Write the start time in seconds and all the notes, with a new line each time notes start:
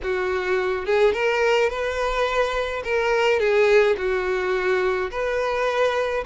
0.02 F#4
0.85 G#4
1.13 A#4
1.69 B4
2.84 A#4
3.39 G#4
3.97 F#4
5.10 B4